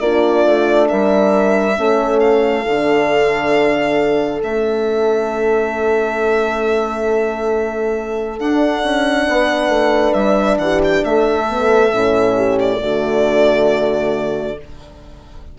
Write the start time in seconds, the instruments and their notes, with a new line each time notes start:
0.00 bassoon A#3, horn D4 F4, violin D5
0.45 bassoon A3
0.89 bassoon G3, horn A#4, violin E5
1.76 bassoon A3, horn C#4 A4
2.19 violin F5
2.66 bassoon D3, horn D4
4.43 bassoon A3, horn C#4, violin E5
8.39 horn D4, bassoon D4, violin F#5
8.83 bassoon C#4
9.27 bassoon B3, horn B4
9.69 bassoon A3
10.14 bassoon G3, violin E5
10.58 bassoon E3, horn G4, violin F#5
10.84 violin G5
11.04 bassoon A3, horn A4, violin E5
11.50 horn B3
11.92 bassoon A2, horn C#4
12.37 horn G4
12.60 violin D5
12.81 bassoon D3, horn A3 F#4